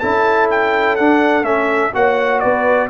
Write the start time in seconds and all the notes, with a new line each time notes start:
0.00 C#4 E4 A4 A5
0.51 G5
0.96 D4 F#5
1.43 A3 C#4 E5
1.94 A#3 F#4 C#5 F#5
2.40 B3 B4 D5